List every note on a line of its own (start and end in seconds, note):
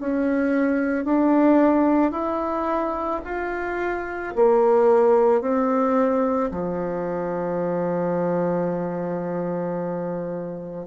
0.00 1.05 C#4
1.05 2.12 D4
2.12 3.21 E4
3.25 4.34 F4
4.35 5.41 A#3
5.41 6.50 C4
6.51 10.87 F3